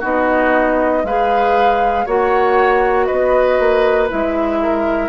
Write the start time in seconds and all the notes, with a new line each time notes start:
0.00 B3 D#4 F#4 D#5
1.03 G#3 G#4 B4 F5
2.06 A#3 F#4 C#5 F#5
3.06 B3 B4 D#5
3.59 A#3
4.09 G#3 E4 E5
4.62 A#4